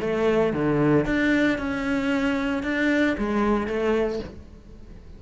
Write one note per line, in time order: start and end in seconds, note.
0.00 0.53 A3
0.53 1.05 D3
1.05 1.58 D4
1.58 2.63 C#4
2.63 3.16 D4
3.17 3.67 G#3
3.67 4.19 A3